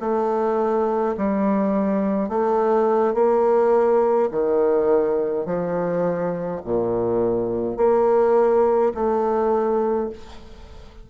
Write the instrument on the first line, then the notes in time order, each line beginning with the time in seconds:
bassoon
0.00 A3
1.17 G3
2.29 A3
3.14 A#3
4.31 D#3
5.45 F3
6.65 A#2
7.77 A#3
8.94 A3